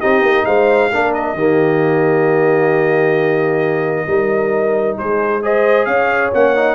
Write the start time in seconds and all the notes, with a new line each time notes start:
0.00 C4 D#4 G4 D#5
0.22 A#3
0.45 G#3 C5 F5
0.92 A#3 D4 A#4
1.14 D#5
1.34 D#3 A#3 G4
4.07 G3 D#4 A#4
4.97 G#3 G#4 C5
5.42 G#4 C5 D#5
5.85 C#4 C#5 F5
6.34 A#3 C#4 F#5
6.55 D#4